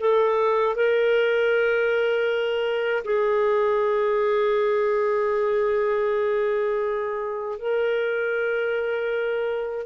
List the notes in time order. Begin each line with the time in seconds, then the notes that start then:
0.00 A4
0.76 A#4
3.04 G#4
7.58 A#4